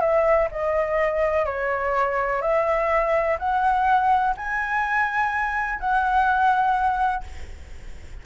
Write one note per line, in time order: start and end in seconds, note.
0.00 0.48 E5
0.51 1.46 D#5
1.46 2.42 C#5
2.42 3.38 E5
3.39 4.35 F#5
4.37 5.79 G#5
5.79 7.23 F#5